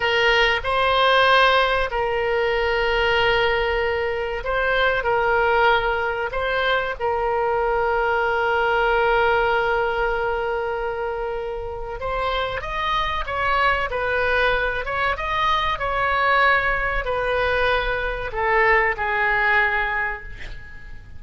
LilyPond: \new Staff \with { instrumentName = "oboe" } { \time 4/4 \tempo 4 = 95 ais'4 c''2 ais'4~ | ais'2. c''4 | ais'2 c''4 ais'4~ | ais'1~ |
ais'2. c''4 | dis''4 cis''4 b'4. cis''8 | dis''4 cis''2 b'4~ | b'4 a'4 gis'2 | }